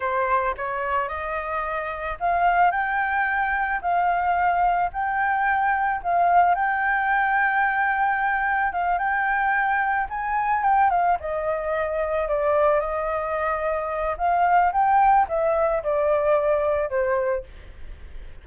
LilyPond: \new Staff \with { instrumentName = "flute" } { \time 4/4 \tempo 4 = 110 c''4 cis''4 dis''2 | f''4 g''2 f''4~ | f''4 g''2 f''4 | g''1 |
f''8 g''2 gis''4 g''8 | f''8 dis''2 d''4 dis''8~ | dis''2 f''4 g''4 | e''4 d''2 c''4 | }